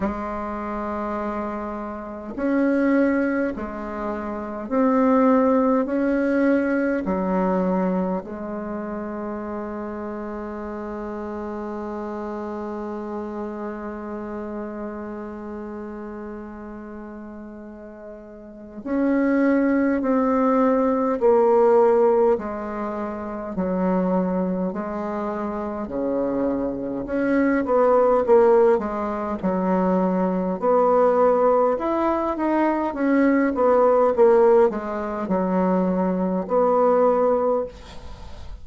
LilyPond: \new Staff \with { instrumentName = "bassoon" } { \time 4/4 \tempo 4 = 51 gis2 cis'4 gis4 | c'4 cis'4 fis4 gis4~ | gis1~ | gis1 |
cis'4 c'4 ais4 gis4 | fis4 gis4 cis4 cis'8 b8 | ais8 gis8 fis4 b4 e'8 dis'8 | cis'8 b8 ais8 gis8 fis4 b4 | }